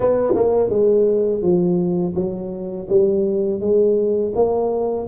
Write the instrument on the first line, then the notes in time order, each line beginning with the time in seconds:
tuba
0.00 B3
0.35 A#3
0.69 G#3
1.42 F3
2.15 F#3
2.89 G3
3.60 G#3
4.35 A#3